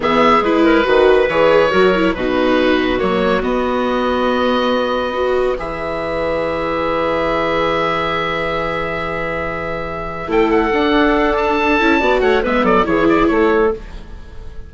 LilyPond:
<<
  \new Staff \with { instrumentName = "oboe" } { \time 4/4 \tempo 4 = 140 e''4 b'2 cis''4~ | cis''4 b'2 cis''4 | dis''1~ | dis''4 e''2.~ |
e''1~ | e''1 | g''8 fis''2 a''4.~ | a''8 fis''8 e''8 d''8 cis''8 d''8 cis''4 | }
  \new Staff \with { instrumentName = "clarinet" } { \time 4/4 gis'4. ais'8 b'2 | ais'4 fis'2.~ | fis'1 | b'1~ |
b'1~ | b'1 | a'1 | d''8 cis''8 b'8 a'8 gis'4 a'4 | }
  \new Staff \with { instrumentName = "viola" } { \time 4/4 b4 e'4 fis'4 gis'4 | fis'8 e'8 dis'2 ais4 | b1 | fis'4 gis'2.~ |
gis'1~ | gis'1 | e'4 d'2~ d'8 e'8 | fis'4 b4 e'2 | }
  \new Staff \with { instrumentName = "bassoon" } { \time 4/4 e4 gis4 dis4 e4 | fis4 b,2 fis4 | b1~ | b4 e2.~ |
e1~ | e1 | a4 d'2~ d'8 cis'8 | b8 a8 gis8 fis8 e4 a4 | }
>>